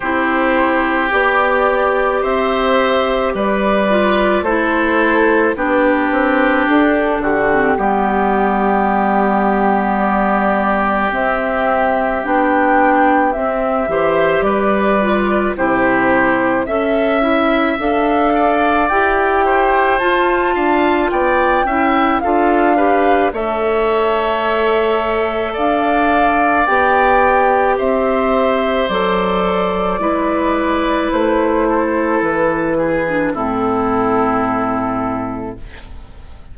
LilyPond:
<<
  \new Staff \with { instrumentName = "flute" } { \time 4/4 \tempo 4 = 54 c''4 d''4 e''4 d''4 | c''4 b'4 a'8 g'4.~ | g'4 d''4 e''4 g''4 | e''4 d''4 c''4 e''4 |
f''4 g''4 a''4 g''4 | f''4 e''2 f''4 | g''4 e''4 d''2 | c''4 b'4 a'2 | }
  \new Staff \with { instrumentName = "oboe" } { \time 4/4 g'2 c''4 b'4 | a'4 g'4. fis'8 g'4~ | g'1~ | g'8 c''8 b'4 g'4 e''4~ |
e''8 d''4 c''4 f''8 d''8 e''8 | a'8 b'8 cis''2 d''4~ | d''4 c''2 b'4~ | b'8 a'4 gis'8 e'2 | }
  \new Staff \with { instrumentName = "clarinet" } { \time 4/4 e'4 g'2~ g'8 f'8 | e'4 d'4.~ d'16 c'16 b4~ | b2 c'4 d'4 | c'8 g'4 f'8 e'4 a'8 e'8 |
a'4 g'4 f'4. e'8 | f'8 g'8 a'2. | g'2 a'4 e'4~ | e'4.~ e'16 d'16 c'2 | }
  \new Staff \with { instrumentName = "bassoon" } { \time 4/4 c'4 b4 c'4 g4 | a4 b8 c'8 d'8 d8 g4~ | g2 c'4 b4 | c'8 e8 g4 c4 cis'4 |
d'4 e'4 f'8 d'8 b8 cis'8 | d'4 a2 d'4 | b4 c'4 fis4 gis4 | a4 e4 a,2 | }
>>